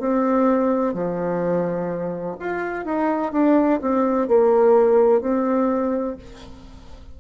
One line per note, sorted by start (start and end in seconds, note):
0.00 0.94 C4
0.94 2.36 F3
2.39 2.85 F4
2.85 3.32 D#4
3.32 3.80 D4
3.81 4.28 C4
4.28 5.21 A#3
5.21 6.16 C4